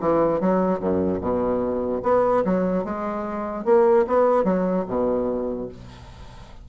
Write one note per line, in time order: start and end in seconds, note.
0.00 0.40 E3
0.40 0.80 F#3
0.80 1.20 F#2
1.21 2.02 B2
2.03 2.43 B3
2.45 2.85 F#3
2.85 3.65 G#3
3.65 4.05 A#3
4.07 4.44 B3
4.44 4.84 F#3
4.87 5.68 B2